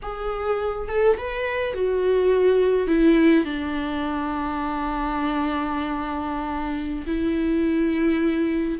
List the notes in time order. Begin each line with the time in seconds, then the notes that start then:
0.02 G#4
0.88 A4
1.17 B4
1.74 F#4
2.87 E4
3.45 D4
7.06 E4